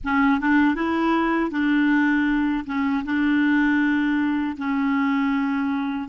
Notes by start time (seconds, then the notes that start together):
0.04 C#4
0.40 D4
0.75 E4
1.50 D4
2.66 C#4
3.04 D4
4.57 C#4